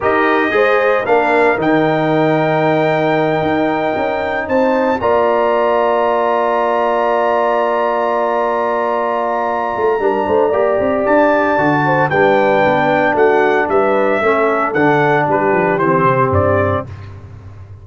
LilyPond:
<<
  \new Staff \with { instrumentName = "trumpet" } { \time 4/4 \tempo 4 = 114 dis''2 f''4 g''4~ | g''1~ | g''8 a''4 ais''2~ ais''8~ | ais''1~ |
ais''1~ | ais''4 a''2 g''4~ | g''4 fis''4 e''2 | fis''4 b'4 c''4 d''4 | }
  \new Staff \with { instrumentName = "horn" } { \time 4/4 ais'4 c''4 ais'2~ | ais'1~ | ais'8 c''4 d''2~ d''8~ | d''1~ |
d''2. ais'8 c''8 | d''2~ d''8 c''8 b'4~ | b'4 fis'4 b'4 a'4~ | a'4 g'2. | }
  \new Staff \with { instrumentName = "trombone" } { \time 4/4 g'4 gis'4 d'4 dis'4~ | dis'1~ | dis'4. f'2~ f'8~ | f'1~ |
f'2. d'4 | g'2 fis'4 d'4~ | d'2. cis'4 | d'2 c'2 | }
  \new Staff \with { instrumentName = "tuba" } { \time 4/4 dis'4 gis4 ais4 dis4~ | dis2~ dis8 dis'4 cis'8~ | cis'8 c'4 ais2~ ais8~ | ais1~ |
ais2~ ais8 a8 g8 a8 | ais8 c'8 d'4 d4 g4 | b4 a4 g4 a4 | d4 g8 f8 e8 c8 g,4 | }
>>